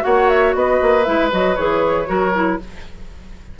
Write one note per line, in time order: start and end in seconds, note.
0.00 0.54 A#3
0.00 1.02 F#4
0.00 0.56 C#5
0.00 0.28 F#5
0.28 0.54 E5
0.54 0.80 B3
0.54 2.08 B4
0.54 1.03 D#5
0.81 1.07 A#3
1.03 1.32 G#3
1.03 1.31 E4
1.03 1.29 E5
1.31 1.57 F#3
1.31 1.57 F#4
1.31 1.55 D#5
1.55 2.08 E3
1.55 2.06 G#4
1.55 2.57 C#5
2.06 2.59 F#3
2.06 2.31 F#4
2.06 2.59 A#4
2.34 2.59 E4